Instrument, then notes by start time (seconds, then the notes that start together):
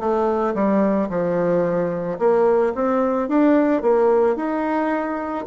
bassoon
0.00 A3
0.55 G3
1.10 F3
2.19 A#3
2.75 C4
3.29 D4
3.82 A#3
4.36 D#4